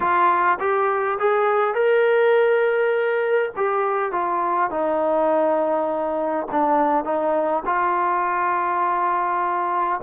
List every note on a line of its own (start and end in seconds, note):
0.00 0.58 F4
0.59 1.18 G4
1.19 1.74 G#4
1.74 3.51 A#4
3.56 4.11 G4
4.11 4.70 F4
4.70 6.46 D#4
6.51 7.04 D4
7.04 7.63 D#4
7.65 10.00 F4